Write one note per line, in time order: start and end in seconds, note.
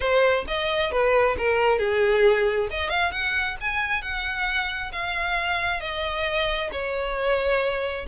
0.00 0.45 C5
0.47 0.91 D#5
0.91 1.36 B4
1.37 1.78 A#4
1.78 2.68 G#4
2.70 2.89 D#5
2.89 3.11 F5
3.11 3.56 F#5
3.60 4.02 G#5
4.02 4.91 F#5
4.92 5.80 F5
5.80 6.70 D#5
6.71 8.06 C#5